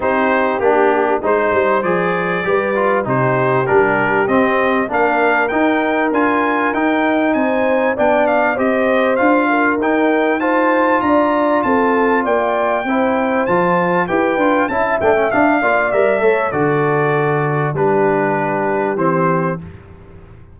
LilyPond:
<<
  \new Staff \with { instrumentName = "trumpet" } { \time 4/4 \tempo 4 = 98 c''4 g'4 c''4 d''4~ | d''4 c''4 ais'4 dis''4 | f''4 g''4 gis''4 g''4 | gis''4 g''8 f''8 dis''4 f''4 |
g''4 a''4 ais''4 a''4 | g''2 a''4 g''4 | a''8 g''8 f''4 e''4 d''4~ | d''4 b'2 c''4 | }
  \new Staff \with { instrumentName = "horn" } { \time 4/4 g'2 c''2 | b'4 g'2. | ais'1 | c''4 d''4 c''4. ais'8~ |
ais'4 c''4 d''4 a'4 | d''4 c''2 b'4 | e''4. d''4 cis''8 a'4~ | a'4 g'2. | }
  \new Staff \with { instrumentName = "trombone" } { \time 4/4 dis'4 d'4 dis'4 gis'4 | g'8 f'8 dis'4 d'4 c'4 | d'4 dis'4 f'4 dis'4~ | dis'4 d'4 g'4 f'4 |
dis'4 f'2.~ | f'4 e'4 f'4 g'8 f'8 | e'8 d'16 cis'16 d'8 f'8 ais'8 a'8 fis'4~ | fis'4 d'2 c'4 | }
  \new Staff \with { instrumentName = "tuba" } { \time 4/4 c'4 ais4 gis8 g8 f4 | g4 c4 g4 c'4 | ais4 dis'4 d'4 dis'4 | c'4 b4 c'4 d'4 |
dis'2 d'4 c'4 | ais4 c'4 f4 e'8 d'8 | cis'8 a8 d'8 ais8 g8 a8 d4~ | d4 g2 e4 | }
>>